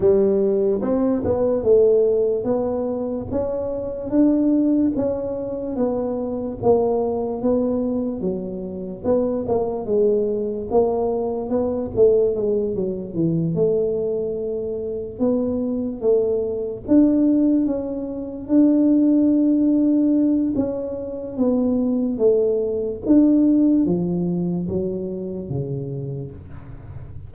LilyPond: \new Staff \with { instrumentName = "tuba" } { \time 4/4 \tempo 4 = 73 g4 c'8 b8 a4 b4 | cis'4 d'4 cis'4 b4 | ais4 b4 fis4 b8 ais8 | gis4 ais4 b8 a8 gis8 fis8 |
e8 a2 b4 a8~ | a8 d'4 cis'4 d'4.~ | d'4 cis'4 b4 a4 | d'4 f4 fis4 cis4 | }